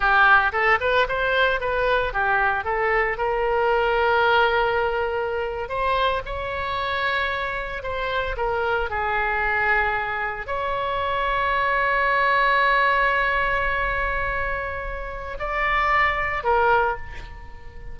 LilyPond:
\new Staff \with { instrumentName = "oboe" } { \time 4/4 \tempo 4 = 113 g'4 a'8 b'8 c''4 b'4 | g'4 a'4 ais'2~ | ais'2~ ais'8. c''4 cis''16~ | cis''2~ cis''8. c''4 ais'16~ |
ais'8. gis'2. cis''16~ | cis''1~ | cis''1~ | cis''4 d''2 ais'4 | }